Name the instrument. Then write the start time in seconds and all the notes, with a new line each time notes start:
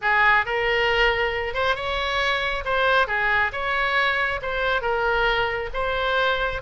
oboe
0.01 G#4
0.45 A#4
1.54 C5
1.75 C#5
2.65 C5
3.07 G#4
3.52 C#5
4.42 C5
4.81 A#4
5.73 C5